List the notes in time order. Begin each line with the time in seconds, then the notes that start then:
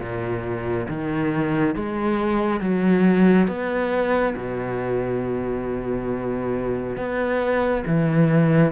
0.00 A#2
0.88 D#3
1.75 G#3
2.60 F#3
3.47 B3
4.36 B2
6.96 B3
7.86 E3